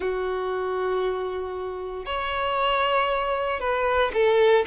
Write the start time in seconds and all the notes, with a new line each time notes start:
0.00 F#4
2.05 C#5
3.59 B4
4.13 A4